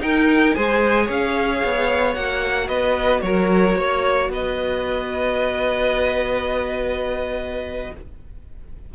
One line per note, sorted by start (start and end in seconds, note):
0.00 0.54 D#4
0.00 0.55 D#4
0.00 0.56 A#4
0.00 0.54 G5
0.54 1.09 G#3
0.54 2.14 G#4
0.54 1.04 C5
0.54 1.08 G#5
1.04 1.62 C#4
1.04 2.65 C#5
1.11 2.14 F5
1.64 2.16 B3
2.14 2.69 A#3
2.14 7.90 F#4
2.14 2.68 F#5
2.68 3.22 B3
2.68 3.22 B4
2.68 3.21 D#5
3.21 3.75 F#3
3.21 3.78 A#4
3.21 4.28 C#5
3.75 4.29 A#3
3.75 4.31 C#5
4.29 7.91 B3
4.29 7.94 B4
4.29 7.94 D#5